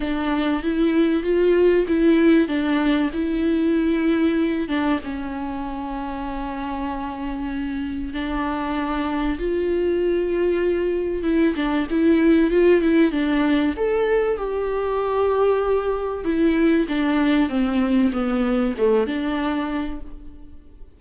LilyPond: \new Staff \with { instrumentName = "viola" } { \time 4/4 \tempo 4 = 96 d'4 e'4 f'4 e'4 | d'4 e'2~ e'8 d'8 | cis'1~ | cis'4 d'2 f'4~ |
f'2 e'8 d'8 e'4 | f'8 e'8 d'4 a'4 g'4~ | g'2 e'4 d'4 | c'4 b4 a8 d'4. | }